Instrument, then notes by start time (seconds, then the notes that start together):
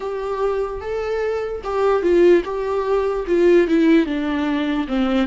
viola
0.00 G4
0.80 A4
1.64 G4
2.02 F4
2.44 G4
3.27 F4
3.67 E4
4.05 D4
4.87 C4